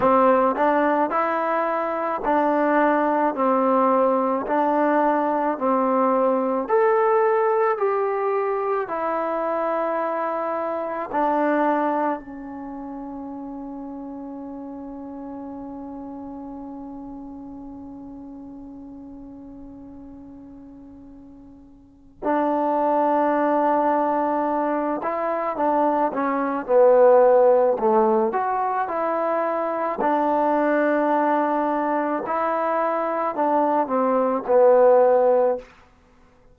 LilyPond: \new Staff \with { instrumentName = "trombone" } { \time 4/4 \tempo 4 = 54 c'8 d'8 e'4 d'4 c'4 | d'4 c'4 a'4 g'4 | e'2 d'4 cis'4~ | cis'1~ |
cis'1 | d'2~ d'8 e'8 d'8 cis'8 | b4 a8 fis'8 e'4 d'4~ | d'4 e'4 d'8 c'8 b4 | }